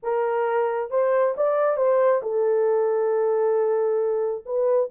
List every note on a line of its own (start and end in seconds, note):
0.02 0.90 A#4
0.90 1.34 C5
1.36 1.76 D5
1.76 2.21 C5
2.22 4.44 A4
4.45 4.90 B4